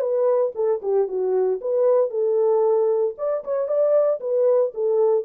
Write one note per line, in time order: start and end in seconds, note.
0.00 0.52 B4
0.55 0.81 A4
0.82 1.08 G4
1.08 1.60 F#4
1.61 2.10 B4
2.10 3.15 A4
3.18 3.44 D5
3.44 3.68 C#5
3.68 4.20 D5
4.20 4.73 B4
4.74 5.25 A4